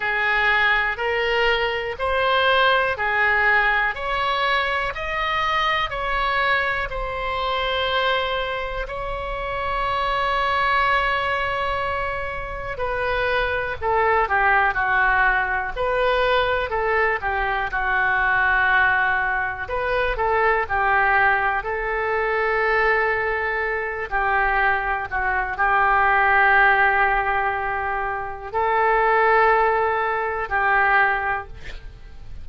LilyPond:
\new Staff \with { instrumentName = "oboe" } { \time 4/4 \tempo 4 = 61 gis'4 ais'4 c''4 gis'4 | cis''4 dis''4 cis''4 c''4~ | c''4 cis''2.~ | cis''4 b'4 a'8 g'8 fis'4 |
b'4 a'8 g'8 fis'2 | b'8 a'8 g'4 a'2~ | a'8 g'4 fis'8 g'2~ | g'4 a'2 g'4 | }